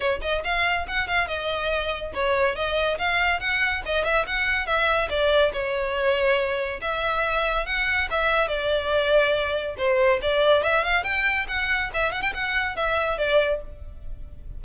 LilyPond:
\new Staff \with { instrumentName = "violin" } { \time 4/4 \tempo 4 = 141 cis''8 dis''8 f''4 fis''8 f''8 dis''4~ | dis''4 cis''4 dis''4 f''4 | fis''4 dis''8 e''8 fis''4 e''4 | d''4 cis''2. |
e''2 fis''4 e''4 | d''2. c''4 | d''4 e''8 f''8 g''4 fis''4 | e''8 fis''16 g''16 fis''4 e''4 d''4 | }